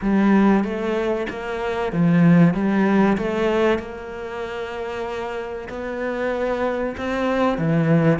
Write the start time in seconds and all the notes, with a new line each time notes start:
0.01 G3
0.63 A3
1.29 A#3
1.92 F3
2.54 G3
3.17 A3
3.78 A#3
5.69 B3
6.97 C4
7.58 E3